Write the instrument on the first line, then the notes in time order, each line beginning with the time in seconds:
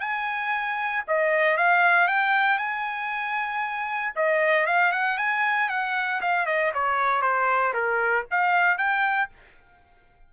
trumpet
0.00 G#5
1.08 D#5
1.57 F5
2.08 G5
2.58 G#5
4.16 D#5
4.66 F5
4.92 F#5
5.18 G#5
5.69 F#5
6.21 F5
6.46 D#5
6.74 C#5
7.22 C5
7.74 A#4
8.31 F5
8.78 G5